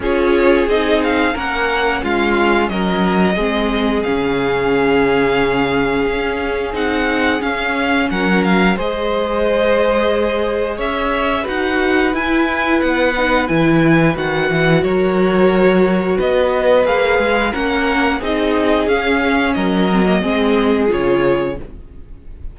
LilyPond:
<<
  \new Staff \with { instrumentName = "violin" } { \time 4/4 \tempo 4 = 89 cis''4 dis''8 f''8 fis''4 f''4 | dis''2 f''2~ | f''2 fis''4 f''4 | fis''8 f''8 dis''2. |
e''4 fis''4 gis''4 fis''4 | gis''4 fis''4 cis''2 | dis''4 f''4 fis''4 dis''4 | f''4 dis''2 cis''4 | }
  \new Staff \with { instrumentName = "violin" } { \time 4/4 gis'2 ais'4 f'4 | ais'4 gis'2.~ | gis'1 | ais'4 c''2. |
cis''4 b'2.~ | b'2 ais'2 | b'2 ais'4 gis'4~ | gis'4 ais'4 gis'2 | }
  \new Staff \with { instrumentName = "viola" } { \time 4/4 f'4 dis'4 cis'2~ | cis'4 c'4 cis'2~ | cis'2 dis'4 cis'4~ | cis'4 gis'2.~ |
gis'4 fis'4 e'4. dis'8 | e'4 fis'2.~ | fis'4 gis'4 cis'4 dis'4 | cis'4. c'16 ais16 c'4 f'4 | }
  \new Staff \with { instrumentName = "cello" } { \time 4/4 cis'4 c'4 ais4 gis4 | fis4 gis4 cis2~ | cis4 cis'4 c'4 cis'4 | fis4 gis2. |
cis'4 dis'4 e'4 b4 | e4 dis8 e8 fis2 | b4 ais8 gis8 ais4 c'4 | cis'4 fis4 gis4 cis4 | }
>>